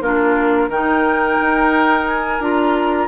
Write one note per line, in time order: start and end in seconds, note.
0.00 0.68 A#3
0.00 0.71 D4
0.00 0.69 F4
0.00 0.70 A#4
0.68 1.37 D#3
0.68 2.41 D#4
0.68 3.08 A#4
0.68 2.07 G5
1.40 2.39 D#4
2.07 2.41 G#5
2.39 3.08 D4
2.39 3.08 F4
2.39 3.08 A#5